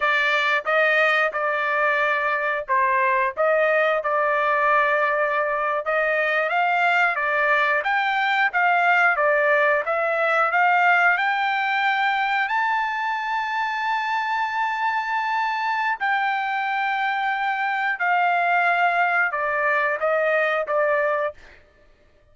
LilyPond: \new Staff \with { instrumentName = "trumpet" } { \time 4/4 \tempo 4 = 90 d''4 dis''4 d''2 | c''4 dis''4 d''2~ | d''8. dis''4 f''4 d''4 g''16~ | g''8. f''4 d''4 e''4 f''16~ |
f''8. g''2 a''4~ a''16~ | a''1 | g''2. f''4~ | f''4 d''4 dis''4 d''4 | }